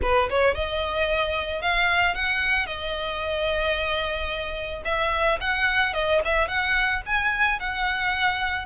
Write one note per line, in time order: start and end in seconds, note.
0.01 0.29 B4
0.29 0.55 C#5
0.55 1.61 D#5
1.61 2.14 F5
2.14 2.66 F#5
2.66 4.82 D#5
4.84 5.38 E5
5.40 5.93 F#5
5.93 6.20 D#5
6.24 6.47 E5
6.47 7.01 F#5
7.05 7.59 G#5
7.59 8.65 F#5